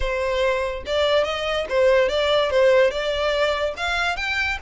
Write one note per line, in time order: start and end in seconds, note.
0.00 0.83 C5
0.86 1.24 D5
1.24 1.66 D#5
1.69 2.08 C5
2.08 2.50 D5
2.50 2.91 C5
2.91 3.74 D5
3.76 4.16 F5
4.16 4.58 G5